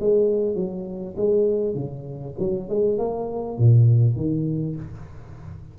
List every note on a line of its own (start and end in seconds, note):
0.00 0.55 G#3
0.55 1.15 F#3
1.16 1.75 G#3
1.75 2.35 C#3
2.39 2.69 F#3
2.69 2.99 G#3
2.99 3.58 A#3
3.58 4.16 A#2
4.16 4.76 D#3